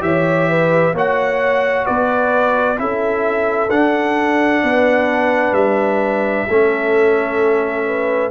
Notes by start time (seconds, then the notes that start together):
0.00 E3 G4 C#5 E5
0.49 B4
0.93 A#3 F#4 C#5 F#5
1.85 B3 B4 D5
2.77 C#4 E4 A4 E5
3.70 D4 F#5
4.63 B3 B4
5.52 G3 E5
6.47 A3 C#4 A4
7.86 B4